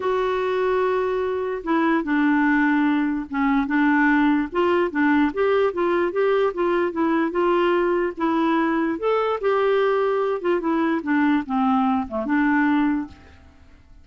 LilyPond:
\new Staff \with { instrumentName = "clarinet" } { \time 4/4 \tempo 4 = 147 fis'1 | e'4 d'2. | cis'4 d'2 f'4 | d'4 g'4 f'4 g'4 |
f'4 e'4 f'2 | e'2 a'4 g'4~ | g'4. f'8 e'4 d'4 | c'4. a8 d'2 | }